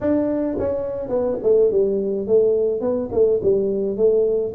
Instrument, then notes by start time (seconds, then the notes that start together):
tuba
0.00 D4
0.58 C#4
1.09 B3
1.43 A3
1.71 G3
2.27 A3
2.80 B3
3.12 A3
3.42 G3
3.96 A3